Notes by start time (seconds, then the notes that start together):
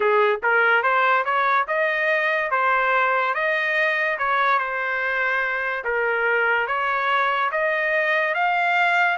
0.00 G#4
0.42 A#4
0.83 C5
1.24 C#5
1.67 D#5
2.50 C5
3.34 D#5
4.18 C#5
4.58 C5
5.84 A#4
6.67 C#5
7.51 D#5
8.34 F5